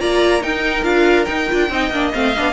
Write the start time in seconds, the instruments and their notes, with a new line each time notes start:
0.00 cello A#3, viola F4, violin D5 A#5
0.41 viola D#4, cello D#4, violin A#4 G5
0.84 cello D4, viola F4, violin F5
1.25 viola D#4, cello D#4, violin G5
1.49 cello D4, viola F4
1.70 cello C4, viola D#4, violin D#5
1.91 cello A#3, viola D4
2.14 cello A3, viola C4, violin F5
2.37 cello B3, viola D4